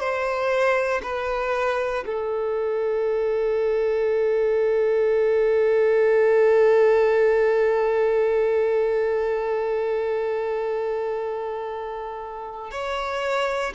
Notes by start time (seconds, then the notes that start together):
0.00 C5
1.03 B4
2.07 A4
12.72 C#5